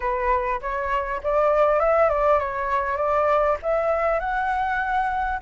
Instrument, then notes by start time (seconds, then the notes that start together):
flute
0.00 B4
0.61 C#5
1.23 D5
1.79 E5
2.09 D5
2.39 C#5
2.96 D5
3.62 E5
4.19 F#5